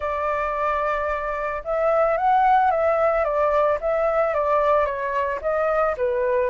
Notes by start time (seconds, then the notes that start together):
0.00 D5
1.64 E5
2.17 F#5
2.70 E5
3.24 D5
3.81 E5
4.34 D5
4.85 C#5
5.41 D#5
5.97 B4